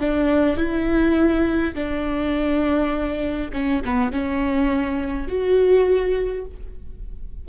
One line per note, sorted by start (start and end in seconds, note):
0.00 0.57 D4
0.57 1.74 E4
1.75 3.51 D4
3.53 3.82 C#4
3.85 4.12 B3
4.12 5.27 C#4
5.27 6.45 F#4